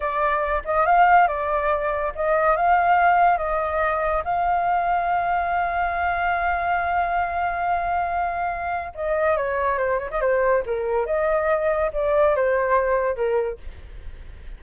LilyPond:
\new Staff \with { instrumentName = "flute" } { \time 4/4 \tempo 4 = 141 d''4. dis''8 f''4 d''4~ | d''4 dis''4 f''2 | dis''2 f''2~ | f''1~ |
f''1~ | f''4 dis''4 cis''4 c''8 cis''16 dis''16 | c''4 ais'4 dis''2 | d''4 c''2 ais'4 | }